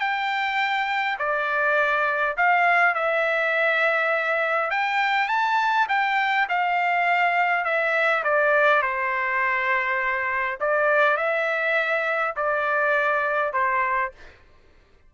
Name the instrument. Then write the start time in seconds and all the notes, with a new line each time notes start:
trumpet
0.00 G5
1.18 D5
2.37 F5
2.94 E5
4.70 G5
5.28 A5
5.88 G5
6.49 F5
7.64 E5
8.24 D5
8.82 C5
10.60 D5
11.17 E5
12.36 D5
13.53 C5